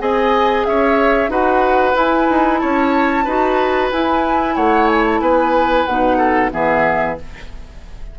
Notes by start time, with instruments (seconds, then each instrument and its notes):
0.00 bassoon C4, clarinet G#4, oboe D#5, flute G#5
0.66 bassoon C#4, oboe C#5, flute E5
1.29 bassoon D#4, clarinet F#4, oboe B4, flute F#5
1.94 clarinet E4, bassoon E4, flute G#5
2.30 bassoon D#4
2.59 bassoon C#4, oboe C#5, flute A5
3.25 bassoon D#4, clarinet F#4, oboe B4
3.92 bassoon E4, clarinet E4, flute G#5
4.55 bassoon A3, oboe C#5, flute F#5
4.87 flute G#5
5.06 flute A5
5.21 bassoon B3, oboe B4, flute G#5
5.86 bassoon B2, clarinet D#4, flute F#5
6.18 oboe A4
6.51 bassoon E3, clarinet B3, oboe G#4, flute E5